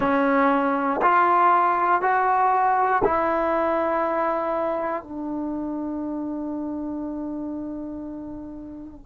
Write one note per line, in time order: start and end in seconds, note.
0.00 1.00 C#4
1.02 2.01 F4
2.01 3.02 F#4
3.04 5.03 E4
5.03 9.06 D4